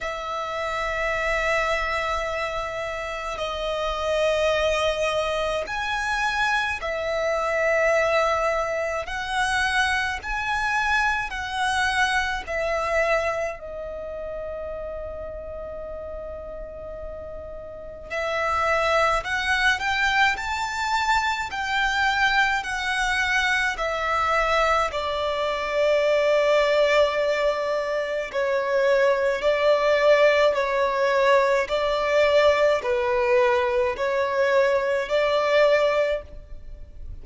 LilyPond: \new Staff \with { instrumentName = "violin" } { \time 4/4 \tempo 4 = 53 e''2. dis''4~ | dis''4 gis''4 e''2 | fis''4 gis''4 fis''4 e''4 | dis''1 |
e''4 fis''8 g''8 a''4 g''4 | fis''4 e''4 d''2~ | d''4 cis''4 d''4 cis''4 | d''4 b'4 cis''4 d''4 | }